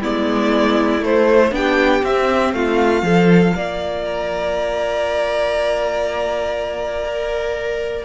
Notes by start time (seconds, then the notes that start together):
0.00 G#3 B3 E4 D5
1.00 A3 C5
1.51 B3 D4 G4 G5
2.03 C4 E5
2.53 A3 F4 F5
3.02 F3 F4 A4
3.55 A#3 D5
4.04 A#5
7.04 A#4